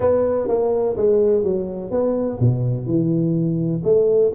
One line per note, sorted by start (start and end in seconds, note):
0.00 0.48 B3
0.48 0.96 A#3
0.96 1.43 G#3
1.43 1.90 F#3
1.90 2.38 B3
2.40 2.86 B2
2.86 3.82 E3
3.84 4.32 A3